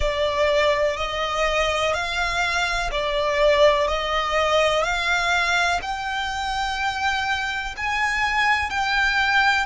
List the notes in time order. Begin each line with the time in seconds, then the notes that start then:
0.00 D5
0.96 D#5
1.93 F5
2.91 D5
3.87 D#5
4.83 F5
5.82 G5
7.76 G#5
8.70 G5